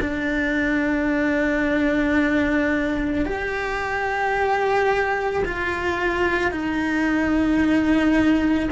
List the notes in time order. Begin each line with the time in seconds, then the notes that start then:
0.00 D4
3.25 G4
5.44 F4
6.51 D#4